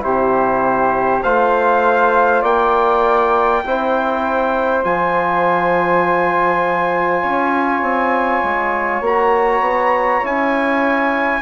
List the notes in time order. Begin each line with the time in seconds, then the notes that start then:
0.00 C3 E4 G4 C5
1.23 A3 F4 C5 F5
2.42 A#3 D5 G5
3.65 C4 E4 C5
4.83 F3 F4 G#5
7.21 C#4 C#5
7.81 C4
8.43 G#3
9.00 A#3 F#4 A#5
9.60 B3
10.22 C#4 E4 G#5